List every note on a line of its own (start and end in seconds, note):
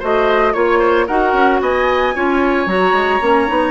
0.00 0.55 A3
0.00 0.54 F#4
0.00 0.54 C5
0.00 0.53 D#5
0.53 1.09 A#3
0.53 1.07 F4
0.53 1.07 C#5
0.53 0.80 C#5
0.80 1.06 C5
1.07 1.33 D#4
1.07 2.15 F#4
1.07 1.61 A#4
1.07 1.61 F#5
1.33 1.60 C#4
1.61 2.15 B3
1.61 2.15 D#5
1.61 2.70 G#5
2.15 2.67 C#4
2.15 2.67 F4
2.15 3.72 C#5
2.67 2.93 F#3
2.67 3.21 F#4
2.67 3.72 A#5
2.93 3.20 G#3
3.21 3.48 A#3
3.21 3.48 C#4
3.48 3.72 B3
3.48 3.72 D#4